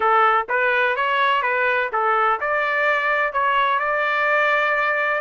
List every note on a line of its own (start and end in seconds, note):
0.00 0.46 A4
0.48 0.95 B4
0.95 1.42 C#5
1.42 1.90 B4
1.92 2.39 A4
2.40 3.32 D5
3.32 3.79 C#5
3.79 5.21 D5